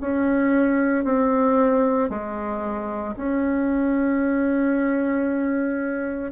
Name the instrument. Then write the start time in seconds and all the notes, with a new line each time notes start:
bassoon
0.00 C#4
1.04 C4
2.09 G#3
3.16 C#4